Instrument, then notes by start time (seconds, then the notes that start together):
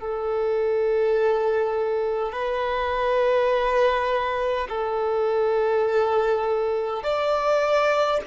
violin
0.00 A4
2.32 B4
4.69 A4
7.03 D5